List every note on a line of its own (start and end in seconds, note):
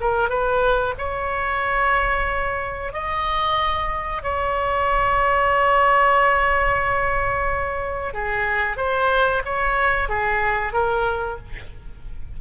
0.00 0.29 A#4
0.29 0.94 B4
0.98 2.93 C#5
2.93 4.23 D#5
4.23 8.13 C#5
8.13 8.77 G#4
8.77 9.42 C5
9.45 10.08 C#5
10.08 10.73 G#4
10.73 11.38 A#4